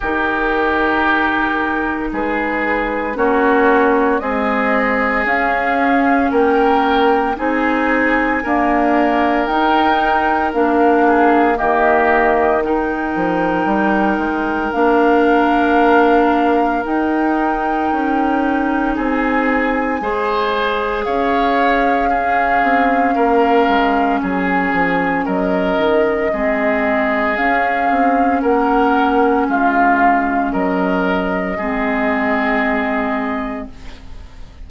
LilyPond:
<<
  \new Staff \with { instrumentName = "flute" } { \time 4/4 \tempo 4 = 57 ais'2 b'4 cis''4 | dis''4 f''4 g''4 gis''4~ | gis''4 g''4 f''4 dis''4 | g''2 f''2 |
g''2 gis''2 | f''2. gis''4 | dis''2 f''4 fis''4 | f''4 dis''2. | }
  \new Staff \with { instrumentName = "oboe" } { \time 4/4 g'2 gis'4 fis'4 | gis'2 ais'4 gis'4 | ais'2~ ais'8 gis'8 g'4 | ais'1~ |
ais'2 gis'4 c''4 | cis''4 gis'4 ais'4 gis'4 | ais'4 gis'2 ais'4 | f'4 ais'4 gis'2 | }
  \new Staff \with { instrumentName = "clarinet" } { \time 4/4 dis'2. cis'4 | gis4 cis'2 dis'4 | ais4 dis'4 d'4 ais4 | dis'2 d'2 |
dis'2. gis'4~ | gis'4 cis'2.~ | cis'4 c'4 cis'2~ | cis'2 c'2 | }
  \new Staff \with { instrumentName = "bassoon" } { \time 4/4 dis2 gis4 ais4 | c'4 cis'4 ais4 c'4 | d'4 dis'4 ais4 dis4~ | dis8 f8 g8 gis8 ais2 |
dis'4 cis'4 c'4 gis4 | cis'4. c'8 ais8 gis8 fis8 f8 | fis8 dis8 gis4 cis'8 c'8 ais4 | gis4 fis4 gis2 | }
>>